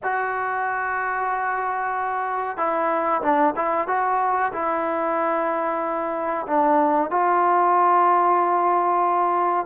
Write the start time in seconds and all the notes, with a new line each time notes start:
0.03 F#4
2.57 E4
3.22 D4
3.56 E4
3.87 F#4
4.52 E4
6.47 D4
7.10 F4